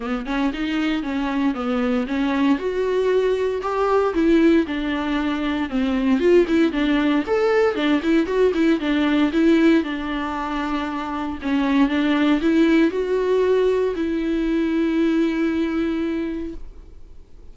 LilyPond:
\new Staff \with { instrumentName = "viola" } { \time 4/4 \tempo 4 = 116 b8 cis'8 dis'4 cis'4 b4 | cis'4 fis'2 g'4 | e'4 d'2 c'4 | f'8 e'8 d'4 a'4 d'8 e'8 |
fis'8 e'8 d'4 e'4 d'4~ | d'2 cis'4 d'4 | e'4 fis'2 e'4~ | e'1 | }